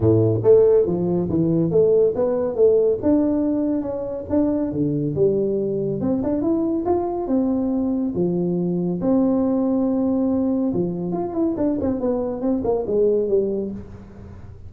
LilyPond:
\new Staff \with { instrumentName = "tuba" } { \time 4/4 \tempo 4 = 140 a,4 a4 f4 e4 | a4 b4 a4 d'4~ | d'4 cis'4 d'4 d4 | g2 c'8 d'8 e'4 |
f'4 c'2 f4~ | f4 c'2.~ | c'4 f4 f'8 e'8 d'8 c'8 | b4 c'8 ais8 gis4 g4 | }